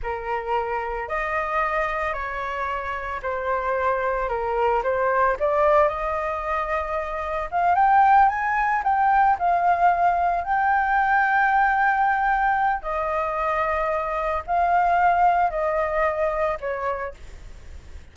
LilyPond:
\new Staff \with { instrumentName = "flute" } { \time 4/4 \tempo 4 = 112 ais'2 dis''2 | cis''2 c''2 | ais'4 c''4 d''4 dis''4~ | dis''2 f''8 g''4 gis''8~ |
gis''8 g''4 f''2 g''8~ | g''1 | dis''2. f''4~ | f''4 dis''2 cis''4 | }